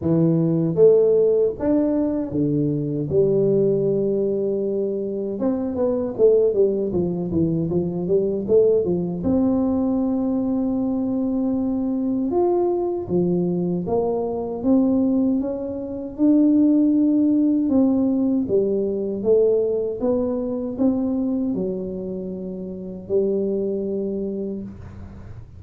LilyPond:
\new Staff \with { instrumentName = "tuba" } { \time 4/4 \tempo 4 = 78 e4 a4 d'4 d4 | g2. c'8 b8 | a8 g8 f8 e8 f8 g8 a8 f8 | c'1 |
f'4 f4 ais4 c'4 | cis'4 d'2 c'4 | g4 a4 b4 c'4 | fis2 g2 | }